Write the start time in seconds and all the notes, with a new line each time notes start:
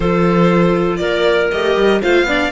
0.00 F3 F4 A4 C5
0.96 A#3 A#4 D5
1.51 A3 G4 D#5
1.76 G3
2.01 A3 F4 C5 F5
2.23 B3 D4 D5